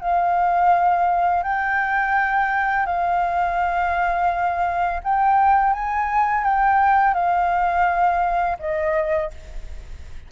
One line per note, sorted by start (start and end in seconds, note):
0.00 1.43 F5
1.43 2.86 G5
2.86 5.00 F5
5.03 5.73 G5
5.73 6.44 G#5
6.44 7.14 G5
7.14 8.57 F5
8.59 9.30 D#5